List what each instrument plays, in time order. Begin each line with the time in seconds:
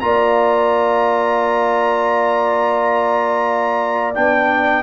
0.00 tuba A#3, trombone F4, horn D5, trumpet A#5
4.15 tuba B3, trombone D4, trumpet G5